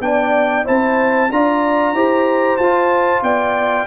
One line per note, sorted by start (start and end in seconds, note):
0.00 0.65 B3
0.00 0.64 D4
0.00 0.65 D5
0.00 0.66 G5
0.64 1.30 C4
0.64 1.29 E4
0.64 1.29 C5
0.64 1.32 A5
1.30 1.93 D4
1.30 1.95 F4
1.30 1.95 D5
1.30 2.57 A#5
1.93 2.58 E4
1.93 2.59 G4
1.93 3.23 C5
2.57 3.22 F4
2.57 3.87 F4
2.57 3.22 A5
3.22 3.86 B3
3.22 3.87 D5
3.22 3.87 G5